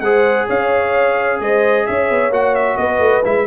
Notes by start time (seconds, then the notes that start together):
0.00 G#3 G#4 C5 F#5
0.47 C#4 C#5 F5
1.40 G#3 C5 D#5
1.86 C#4 C#5 E5
2.09 B3
2.30 A#3 F#4 F#5
2.54 E5
2.77 B3 B4 D#5
2.99 A3
3.24 G#3 E4 E5